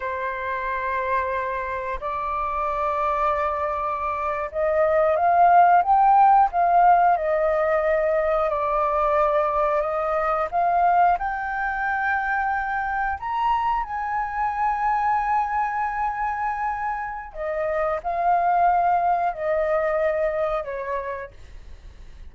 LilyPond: \new Staff \with { instrumentName = "flute" } { \time 4/4 \tempo 4 = 90 c''2. d''4~ | d''2~ d''8. dis''4 f''16~ | f''8. g''4 f''4 dis''4~ dis''16~ | dis''8. d''2 dis''4 f''16~ |
f''8. g''2. ais''16~ | ais''8. gis''2.~ gis''16~ | gis''2 dis''4 f''4~ | f''4 dis''2 cis''4 | }